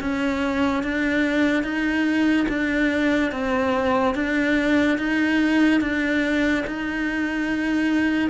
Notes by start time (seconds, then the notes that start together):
0.00 C#4
0.83 D4
1.64 D#4
2.48 D4
3.32 C4
4.15 D4
4.98 D#4
5.81 D4
6.67 D#4